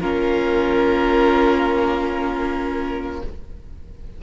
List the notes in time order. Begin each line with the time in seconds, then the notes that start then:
0.00 A#3 C#4 F4 A#4